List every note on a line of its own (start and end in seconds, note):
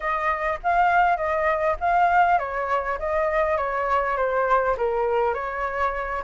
0.00 0.59 D#5
0.63 1.16 F5
1.16 1.76 D#5
1.80 2.38 F5
2.38 2.98 C#5
2.99 3.57 D#5
3.57 4.16 C#5
4.16 4.76 C5
4.77 5.34 A#4
5.34 6.23 C#5